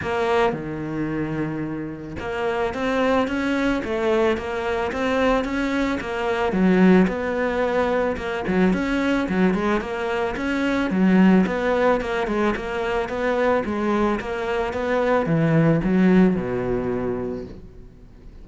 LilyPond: \new Staff \with { instrumentName = "cello" } { \time 4/4 \tempo 4 = 110 ais4 dis2. | ais4 c'4 cis'4 a4 | ais4 c'4 cis'4 ais4 | fis4 b2 ais8 fis8 |
cis'4 fis8 gis8 ais4 cis'4 | fis4 b4 ais8 gis8 ais4 | b4 gis4 ais4 b4 | e4 fis4 b,2 | }